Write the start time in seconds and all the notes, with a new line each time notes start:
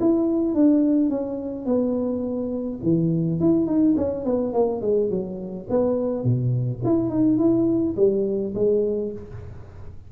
0.00 E4
0.54 D4
1.09 C#4
1.65 B3
2.83 E3
3.40 E4
3.66 D#4
3.97 C#4
4.25 B3
4.53 A#3
4.81 G#3
5.10 F#3
5.70 B3
6.24 B2
6.84 E4
7.10 D#4
7.38 E4
7.97 G3
8.55 G#3